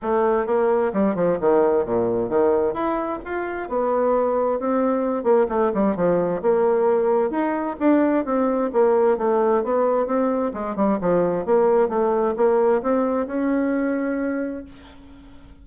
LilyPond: \new Staff \with { instrumentName = "bassoon" } { \time 4/4 \tempo 4 = 131 a4 ais4 g8 f8 dis4 | ais,4 dis4 e'4 f'4 | b2 c'4. ais8 | a8 g8 f4 ais2 |
dis'4 d'4 c'4 ais4 | a4 b4 c'4 gis8 g8 | f4 ais4 a4 ais4 | c'4 cis'2. | }